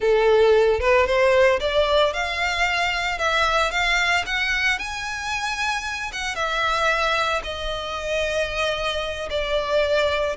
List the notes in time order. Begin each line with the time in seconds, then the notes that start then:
0.00 A4
0.80 B4
1.06 C5
1.60 D5
2.13 F5
3.18 E5
3.71 F5
4.26 F#5
4.78 G#5
6.12 F#5
6.35 E5
7.43 D#5
9.30 D5